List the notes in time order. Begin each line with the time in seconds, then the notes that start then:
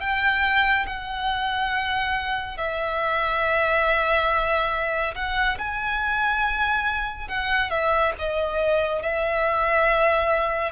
0.00 G5
0.86 F#5
2.58 E5
5.15 F#5
5.58 G#5
7.28 F#5
7.70 E5
8.19 D#5
9.02 E5